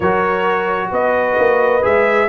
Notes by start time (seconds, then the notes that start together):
0.00 F#3 F#4 A#4 C#5
0.91 B3 B4 D#5
1.38 A#3
1.82 G#3 G#4 E5